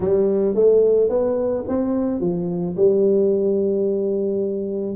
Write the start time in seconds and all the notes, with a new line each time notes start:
0.00 G3
0.55 A3
1.09 B3
1.68 C4
2.20 F3
2.76 G3